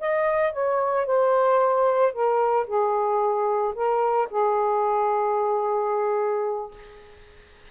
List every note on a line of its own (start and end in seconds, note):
0.00 0.53 D#5
0.53 1.06 C#5
1.06 2.13 C5
2.13 2.66 A#4
2.67 3.74 G#4
3.75 4.29 A#4
4.30 6.71 G#4